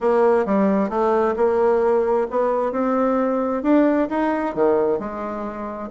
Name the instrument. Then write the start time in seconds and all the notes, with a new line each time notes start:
bassoon
0.00 A#3
0.45 G3
0.89 A3
1.36 A#3
2.30 B3
2.72 C4
3.62 D4
4.09 D#4
4.54 D#3
4.99 G#3